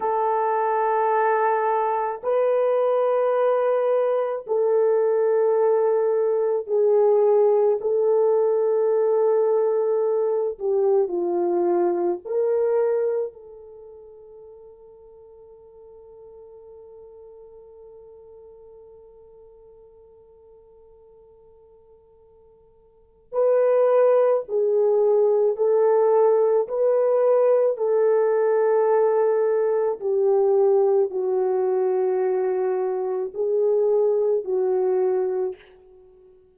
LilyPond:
\new Staff \with { instrumentName = "horn" } { \time 4/4 \tempo 4 = 54 a'2 b'2 | a'2 gis'4 a'4~ | a'4. g'8 f'4 ais'4 | a'1~ |
a'1~ | a'4 b'4 gis'4 a'4 | b'4 a'2 g'4 | fis'2 gis'4 fis'4 | }